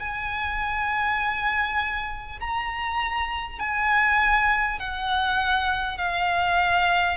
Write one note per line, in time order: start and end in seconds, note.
0.00 2.40 G#5
2.41 3.59 A#5
3.59 4.79 G#5
4.80 5.98 F#5
5.98 7.18 F5